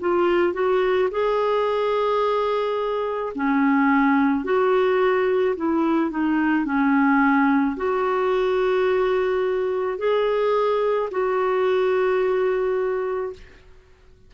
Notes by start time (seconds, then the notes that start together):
0.00 F4
0.54 F#4
1.11 G#4
3.35 C#4
4.44 F#4
5.56 E4
6.11 D#4
6.65 C#4
7.76 F#4
9.98 G#4
11.11 F#4